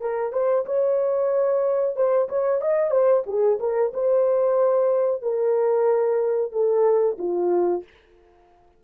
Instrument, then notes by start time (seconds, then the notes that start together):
horn
0.00 A#4
0.32 C5
0.65 C#5
1.96 C5
2.29 C#5
2.61 D#5
2.91 C5
3.26 G#4
3.59 A#4
3.93 C5
5.21 A#4
6.52 A4
7.18 F4